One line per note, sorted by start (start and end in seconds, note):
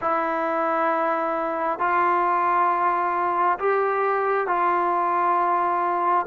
0.01 1.79 E4
1.79 3.58 F4
3.59 4.47 G4
4.47 6.26 F4